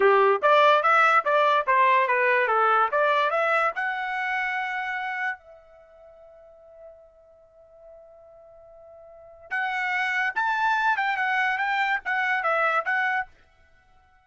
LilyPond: \new Staff \with { instrumentName = "trumpet" } { \time 4/4 \tempo 4 = 145 g'4 d''4 e''4 d''4 | c''4 b'4 a'4 d''4 | e''4 fis''2.~ | fis''4 e''2.~ |
e''1~ | e''2. fis''4~ | fis''4 a''4. g''8 fis''4 | g''4 fis''4 e''4 fis''4 | }